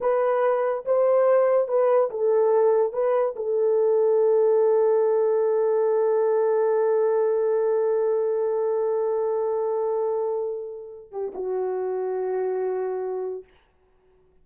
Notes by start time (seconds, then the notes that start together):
0.00 B4
0.85 C5
1.68 B4
2.10 A4
2.93 B4
3.35 A4
11.11 G4
11.34 F#4